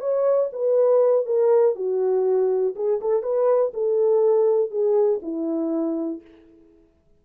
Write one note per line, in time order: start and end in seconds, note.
0.00 0.50 C#5
0.52 1.26 B4
1.26 1.75 A#4
1.75 2.74 F#4
2.75 3.00 G#4
3.01 3.22 A4
3.22 3.72 B4
3.73 4.70 A4
4.70 5.20 G#4
5.22 6.21 E4